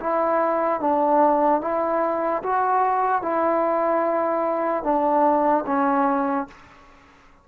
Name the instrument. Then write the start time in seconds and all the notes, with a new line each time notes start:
trombone
0.00 E4
0.81 D4
1.61 E4
2.43 F#4
3.22 E4
4.84 D4
5.66 C#4